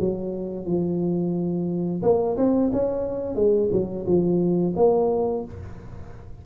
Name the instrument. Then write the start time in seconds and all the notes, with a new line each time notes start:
tuba
0.00 F#3
0.66 F3
2.03 A#3
2.37 C4
2.73 C#4
3.35 G#3
3.72 F#3
4.06 F3
4.76 A#3